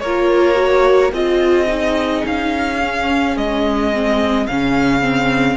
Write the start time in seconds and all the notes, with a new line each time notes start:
0.00 A#3 A#4 C#5
0.06 F4
0.55 F#4
1.12 C4 F4 G#4 D#5
1.67 D#4
2.25 C#4 F5
2.83 C#4
3.36 G#3 D#5
3.94 C4
4.47 C#3 C#4 F5
5.02 C4